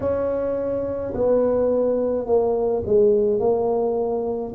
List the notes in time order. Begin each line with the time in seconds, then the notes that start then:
0.00 C#4
1.14 B3
2.26 A#3
2.86 G#3
3.39 A#3